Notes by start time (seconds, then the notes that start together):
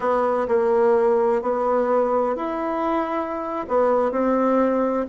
0.00 B3
0.47 A#3
1.42 B3
2.36 E4
3.68 B3
4.11 C4